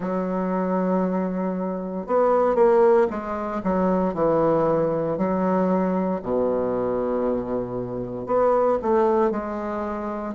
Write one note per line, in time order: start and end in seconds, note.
0.00 2.06 F#3
2.06 2.55 B3
2.55 3.07 A#3
3.09 3.61 G#3
3.63 4.14 F#3
4.14 5.17 E3
5.17 6.21 F#3
6.22 8.26 B2
8.26 8.78 B3
8.82 9.31 A3
9.31 10.34 G#3